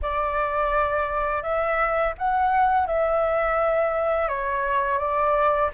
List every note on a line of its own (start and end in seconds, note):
0.02 1.42 D5
1.42 2.14 E5
2.18 2.86 F#5
2.86 4.28 E5
4.28 4.98 C#5
4.98 5.69 D5